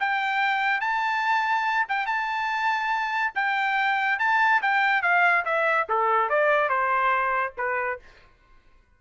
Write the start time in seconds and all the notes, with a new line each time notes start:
0.00 G5
0.81 A5
1.89 G5
2.07 A5
3.35 G5
4.19 A5
4.62 G5
5.03 F5
5.45 E5
5.89 A4
6.30 D5
6.69 C5
7.58 B4